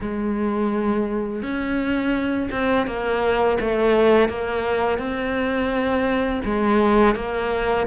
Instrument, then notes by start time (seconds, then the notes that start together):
cello
0.01 G#3
1.42 C#4
2.51 C4
2.86 A#3
3.60 A3
4.29 A#3
4.98 C4
6.44 G#3
7.15 A#3